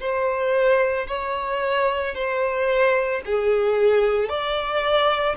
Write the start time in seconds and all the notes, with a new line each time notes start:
0.00 C5
1.07 C#5
2.14 C5
3.25 G#4
4.29 D5